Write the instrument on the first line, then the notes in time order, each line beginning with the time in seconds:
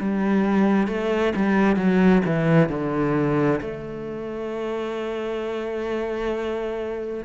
cello
0.00 G3
0.87 A3
1.36 G3
1.76 F#3
2.25 E3
2.69 D3
3.61 A3